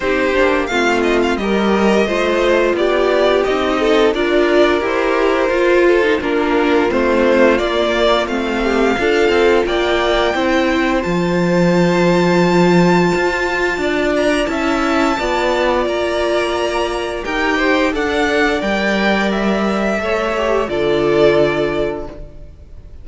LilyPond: <<
  \new Staff \with { instrumentName = "violin" } { \time 4/4 \tempo 4 = 87 c''4 f''8 dis''16 f''16 dis''2 | d''4 dis''4 d''4 c''4~ | c''4 ais'4 c''4 d''4 | f''2 g''2 |
a''1~ | a''8 ais''8 a''2 ais''4~ | ais''4 g''4 fis''4 g''4 | e''2 d''2 | }
  \new Staff \with { instrumentName = "violin" } { \time 4/4 g'4 f'4 ais'4 c''4 | g'4. a'8 ais'2~ | ais'8 a'8 f'2.~ | f'8 g'8 a'4 d''4 c''4~ |
c''1 | d''4 e''4 d''2~ | d''4 ais'8 c''8 d''2~ | d''4 cis''4 a'2 | }
  \new Staff \with { instrumentName = "viola" } { \time 4/4 dis'8 d'8 c'4 g'4 f'4~ | f'4 dis'4 f'4 g'4 | f'8. dis'16 d'4 c'4 ais4 | c'4 f'2 e'4 |
f'1~ | f'4 e'4 f'2~ | f'4 g'4 a'4 ais'4~ | ais'4 a'8 g'8 f'2 | }
  \new Staff \with { instrumentName = "cello" } { \time 4/4 c'8 ais8 a4 g4 a4 | b4 c'4 d'4 e'4 | f'4 ais4 a4 ais4 | a4 d'8 c'8 ais4 c'4 |
f2. f'4 | d'4 cis'4 b4 ais4~ | ais4 dis'4 d'4 g4~ | g4 a4 d2 | }
>>